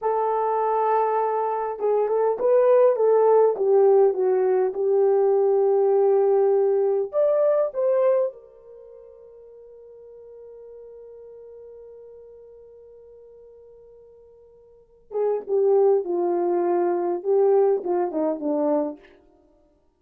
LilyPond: \new Staff \with { instrumentName = "horn" } { \time 4/4 \tempo 4 = 101 a'2. gis'8 a'8 | b'4 a'4 g'4 fis'4 | g'1 | d''4 c''4 ais'2~ |
ais'1~ | ais'1~ | ais'4. gis'8 g'4 f'4~ | f'4 g'4 f'8 dis'8 d'4 | }